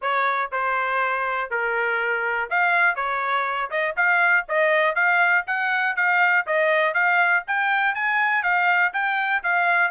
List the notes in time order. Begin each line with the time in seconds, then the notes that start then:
0.01 C#5
0.51 C5
1.50 A#4
2.50 F5
2.95 C#5
3.70 D#5
3.96 F5
4.48 D#5
4.95 F5
5.46 F#5
5.96 F5
6.46 D#5
6.94 F5
7.47 G5
7.95 G#5
8.42 F5
8.93 G5
9.43 F5